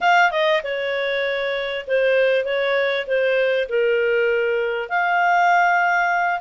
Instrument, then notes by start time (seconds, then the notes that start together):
clarinet
0.01 F5
0.31 D#5
0.63 C#5
1.87 C5
2.45 C#5
3.06 C5
3.68 A#4
4.89 F5